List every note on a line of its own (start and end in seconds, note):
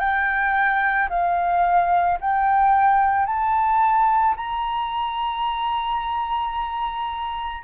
0.00 1.09 G5
1.10 2.19 F5
2.21 3.26 G5
3.26 4.35 A5
4.37 7.64 A#5